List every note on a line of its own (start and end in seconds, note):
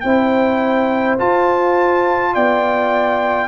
0.00 1.19 C4
0.00 1.19 E4
0.00 2.34 C5
0.00 1.15 G5
1.19 3.48 F4
1.19 2.36 F4
1.19 2.34 A5
2.34 3.48 B3
2.34 3.48 D5
2.34 3.48 G5